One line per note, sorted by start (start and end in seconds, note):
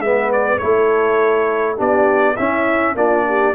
0.00 0.59 G#3
0.00 0.60 B3
0.00 0.60 B4
0.00 0.31 E5
0.33 0.59 D5
0.59 1.80 A3
0.59 1.77 E4
0.59 1.76 A4
0.59 1.77 C#5
1.76 2.39 B3
1.76 2.36 D4
1.76 2.35 G4
1.76 2.37 D5
2.37 2.97 C#4
2.37 2.96 C#4
2.37 2.96 E4
2.37 2.96 E5
2.96 3.54 A#3
2.96 3.55 D4
2.96 3.27 F4
2.96 3.55 D5
3.29 3.55 G4